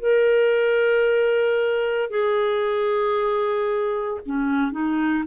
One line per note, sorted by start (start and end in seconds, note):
0.00 2.10 A#4
2.10 4.21 G#4
4.26 4.72 C#4
4.72 5.24 D#4